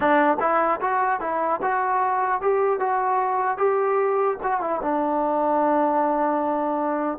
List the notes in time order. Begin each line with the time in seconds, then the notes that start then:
0.00 D4
0.40 E4
0.80 F#4
1.20 E4
1.61 F#4
2.41 G4
2.79 F#4
3.57 G4
4.42 F#4
4.60 E4
4.81 D4